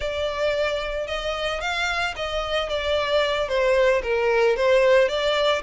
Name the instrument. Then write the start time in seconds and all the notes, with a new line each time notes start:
violin
0.00 D5
1.07 D#5
1.60 F5
2.16 D#5
2.69 D5
3.48 C5
4.02 A#4
4.56 C5
5.08 D5